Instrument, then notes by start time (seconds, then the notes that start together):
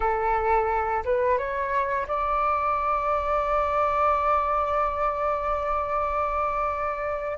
flute
0.00 A4
1.04 B4
1.38 C#5
2.07 D5